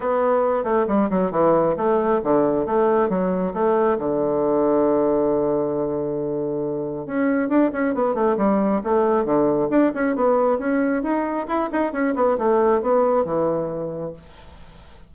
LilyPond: \new Staff \with { instrumentName = "bassoon" } { \time 4/4 \tempo 4 = 136 b4. a8 g8 fis8 e4 | a4 d4 a4 fis4 | a4 d2.~ | d1 |
cis'4 d'8 cis'8 b8 a8 g4 | a4 d4 d'8 cis'8 b4 | cis'4 dis'4 e'8 dis'8 cis'8 b8 | a4 b4 e2 | }